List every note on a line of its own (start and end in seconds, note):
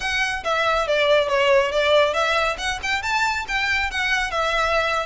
0.00 0.43 F#5
0.44 0.87 E5
0.87 1.28 D5
1.28 1.71 C#5
1.71 2.13 D5
2.13 2.57 E5
2.58 2.79 F#5
2.82 3.02 G5
3.02 3.45 A5
3.47 3.91 G5
3.91 4.30 F#5
4.30 5.06 E5